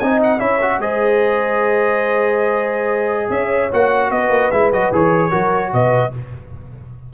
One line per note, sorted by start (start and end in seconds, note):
0.00 0.41 C4
0.00 0.40 D#4
0.00 0.40 D#5
0.00 0.20 G#5
0.23 0.40 F#5
0.40 0.79 C#4
0.40 0.60 E4
0.40 0.80 C#5
0.40 0.80 E5
0.62 0.82 F#4
0.79 3.29 G#3
0.79 3.72 G#4
0.79 3.32 C5
0.79 3.31 D#5
3.30 3.70 C#4
3.30 4.10 C#5
3.30 3.71 E5
3.73 4.11 A#3
3.73 4.53 F#4
3.73 4.12 F#5
4.10 4.30 B3
4.10 5.30 B4
4.10 4.52 D#5
4.30 4.50 A#3
4.52 4.72 G#3
4.52 4.73 E4
4.52 4.72 E5
4.72 4.92 F#3
4.72 4.93 F#4
4.72 4.93 D#5
4.92 5.32 E3
4.92 5.32 G#4
4.92 5.74 C#5
5.30 5.74 F#3
5.30 6.12 F#4
5.30 5.70 A#4
5.74 6.14 B2
5.74 6.14 B4
5.74 6.14 D#5